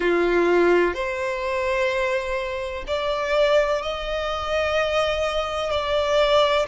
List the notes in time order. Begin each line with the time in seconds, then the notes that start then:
0.00 F4
0.94 C5
2.87 D5
3.82 D#5
5.71 D5